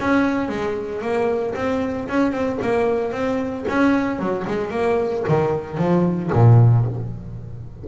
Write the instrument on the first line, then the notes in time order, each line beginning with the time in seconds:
double bass
0.00 C#4
0.49 G#3
1.01 A#3
1.55 C4
2.09 C#4
2.32 C4
2.62 A#3
3.12 C4
3.69 C#4
4.19 F#3
4.47 G#3
4.70 A#3
5.28 D#3
5.78 F3
6.33 A#2